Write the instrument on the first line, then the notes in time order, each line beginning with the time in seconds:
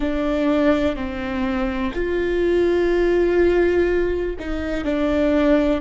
viola
0.00 D4
0.96 C4
1.94 F4
4.39 D#4
4.84 D4